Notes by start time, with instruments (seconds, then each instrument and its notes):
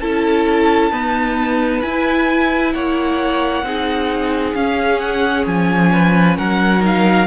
0.00 cello C#4, viola E4, violin A4 A5
0.91 viola B3, cello D#4, violin B4
1.82 viola E4, cello E4, violin G#5
2.73 cello A#3, violin C#5 F#5
3.63 cello C4, viola D#4, violin G#4
4.54 cello C#4, viola C#4, violin F5
4.99 violin F#5
5.46 cello F3, violin G#5
5.92 violin B4
6.37 cello F#3, violin A#4 F#5
6.80 viola D#4, violin F5